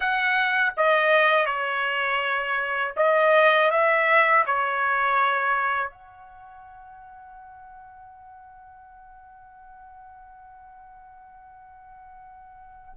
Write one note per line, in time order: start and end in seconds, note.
0.00 0.73 F#5
0.76 1.45 D#5
1.45 2.94 C#5
2.96 3.70 D#5
3.70 4.44 E5
4.46 5.90 C#5
5.90 12.94 F#5